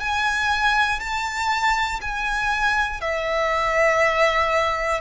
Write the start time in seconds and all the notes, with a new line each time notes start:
0.00 G#5
1.00 A5
2.00 G#5
3.00 E5